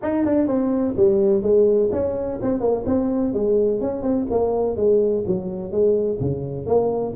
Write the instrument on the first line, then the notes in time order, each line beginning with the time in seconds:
tuba
0.02 D#4
0.25 D4
0.47 C4
0.97 G3
1.42 G#3
1.92 C#4
2.42 C4
2.60 A#3
2.85 C4
3.33 G#3
3.80 C#4
4.02 C4
4.30 A#3
4.76 G#3
5.26 F#3
5.71 G#3
6.20 C#3
6.66 A#3